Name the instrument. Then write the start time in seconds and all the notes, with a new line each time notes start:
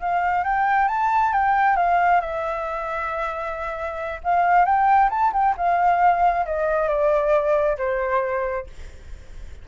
flute
0.00 F5
0.44 G5
0.88 A5
1.33 G5
1.76 F5
2.21 E5
4.23 F5
4.65 G5
5.10 A5
5.33 G5
5.57 F5
6.46 D#5
6.88 D5
7.78 C5